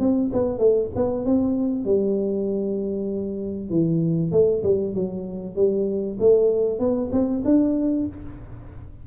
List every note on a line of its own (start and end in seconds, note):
0.00 0.31 C4
0.33 0.59 B3
0.59 0.90 A3
0.96 1.26 B3
1.26 1.85 C4
1.85 3.70 G3
3.70 4.32 E3
4.32 4.63 A3
4.64 4.95 G3
4.95 5.56 F#3
5.56 6.18 G3
6.20 6.80 A3
6.80 7.10 B3
7.12 7.43 C4
7.45 8.07 D4